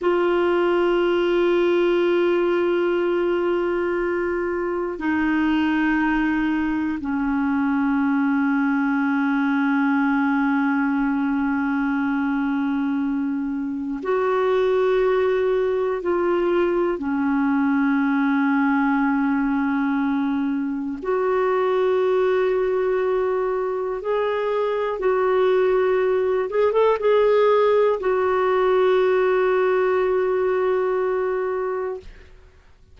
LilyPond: \new Staff \with { instrumentName = "clarinet" } { \time 4/4 \tempo 4 = 60 f'1~ | f'4 dis'2 cis'4~ | cis'1~ | cis'2 fis'2 |
f'4 cis'2.~ | cis'4 fis'2. | gis'4 fis'4. gis'16 a'16 gis'4 | fis'1 | }